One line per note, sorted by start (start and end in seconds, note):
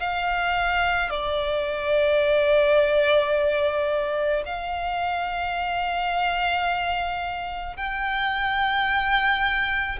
0.00 1.10 F5
1.10 4.43 D5
4.45 7.77 F5
7.77 9.99 G5